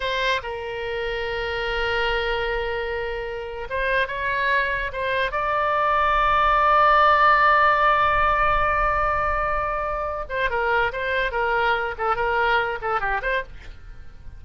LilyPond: \new Staff \with { instrumentName = "oboe" } { \time 4/4 \tempo 4 = 143 c''4 ais'2.~ | ais'1~ | ais'8. c''4 cis''2 c''16~ | c''8. d''2.~ d''16~ |
d''1~ | d''1~ | d''8 c''8 ais'4 c''4 ais'4~ | ais'8 a'8 ais'4. a'8 g'8 c''8 | }